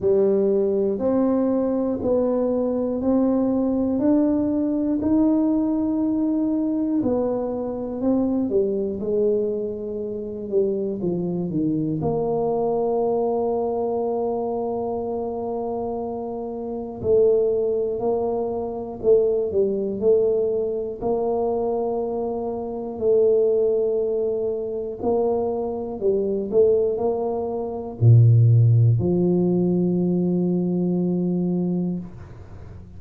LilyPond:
\new Staff \with { instrumentName = "tuba" } { \time 4/4 \tempo 4 = 60 g4 c'4 b4 c'4 | d'4 dis'2 b4 | c'8 g8 gis4. g8 f8 dis8 | ais1~ |
ais4 a4 ais4 a8 g8 | a4 ais2 a4~ | a4 ais4 g8 a8 ais4 | ais,4 f2. | }